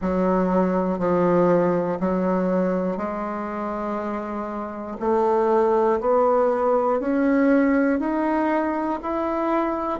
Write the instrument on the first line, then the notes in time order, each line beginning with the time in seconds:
bassoon
0.01 F#3
0.98 F3
2.00 F#3
2.97 G#3
5.00 A3
6.00 B3
7.00 C#4
8.00 D#4
9.02 E4